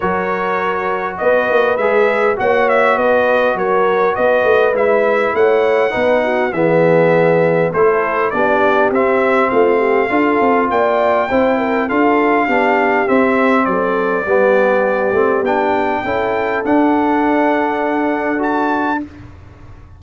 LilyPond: <<
  \new Staff \with { instrumentName = "trumpet" } { \time 4/4 \tempo 4 = 101 cis''2 dis''4 e''4 | fis''8 e''8 dis''4 cis''4 dis''4 | e''4 fis''2 e''4~ | e''4 c''4 d''4 e''4 |
f''2 g''2 | f''2 e''4 d''4~ | d''2 g''2 | fis''2. a''4 | }
  \new Staff \with { instrumentName = "horn" } { \time 4/4 ais'2 b'2 | cis''4 b'4 ais'4 b'4~ | b'4 cis''4 b'8 fis'8 gis'4~ | gis'4 a'4 g'2 |
f'8 g'8 a'4 d''4 c''8 ais'8 | a'4 g'2 a'4 | g'2. a'4~ | a'1 | }
  \new Staff \with { instrumentName = "trombone" } { \time 4/4 fis'2. gis'4 | fis'1 | e'2 dis'4 b4~ | b4 e'4 d'4 c'4~ |
c'4 f'2 e'4 | f'4 d'4 c'2 | b4. c'8 d'4 e'4 | d'2. fis'4 | }
  \new Staff \with { instrumentName = "tuba" } { \time 4/4 fis2 b8 ais8 gis4 | ais4 b4 fis4 b8 a8 | gis4 a4 b4 e4~ | e4 a4 b4 c'4 |
a4 d'8 c'8 ais4 c'4 | d'4 b4 c'4 fis4 | g4. a8 b4 cis'4 | d'1 | }
>>